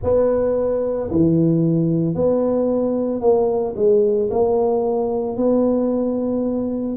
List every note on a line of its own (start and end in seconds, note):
0.03 1.10 B3
1.11 2.14 E3
2.14 3.20 B3
3.20 3.74 A#3
3.75 4.29 G#3
4.30 5.36 A#3
5.36 6.97 B3